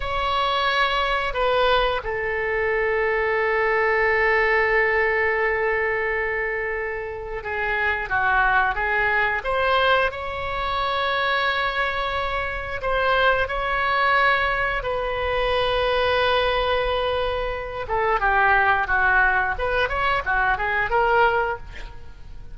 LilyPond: \new Staff \with { instrumentName = "oboe" } { \time 4/4 \tempo 4 = 89 cis''2 b'4 a'4~ | a'1~ | a'2. gis'4 | fis'4 gis'4 c''4 cis''4~ |
cis''2. c''4 | cis''2 b'2~ | b'2~ b'8 a'8 g'4 | fis'4 b'8 cis''8 fis'8 gis'8 ais'4 | }